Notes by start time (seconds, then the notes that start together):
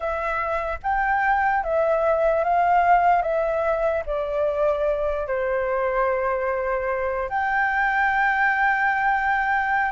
0.00 E5
0.82 G5
1.63 E5
2.44 F5
3.22 E5
4.05 D5
5.27 C5
7.29 G5